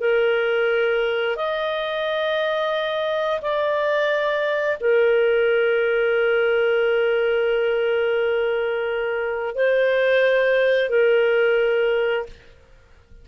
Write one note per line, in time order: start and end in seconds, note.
0.00 1.36 A#4
1.36 3.41 D#5
3.41 4.78 D5
4.80 9.55 A#4
9.55 10.90 C5
10.90 12.26 A#4